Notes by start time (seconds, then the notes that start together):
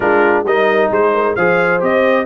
0.00 G#3 D4 F4 A#4
0.44 G3 D#4 A#4 D#5
0.90 G#3 G#4 C5
1.14 A#4
1.35 F3 G#4 C5 F5
1.80 C4 G4 D#5